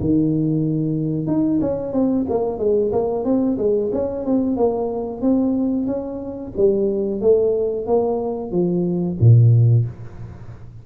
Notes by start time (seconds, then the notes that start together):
0.00 D#3
1.27 D#4
1.61 C#4
1.92 C4
2.29 A#3
2.59 G#3
2.92 A#3
3.24 C4
3.58 G#3
3.92 C#4
4.25 C4
4.56 A#3
5.21 C4
5.87 C#4
6.57 G3
7.21 A3
7.87 A#3
8.51 F3
9.20 A#2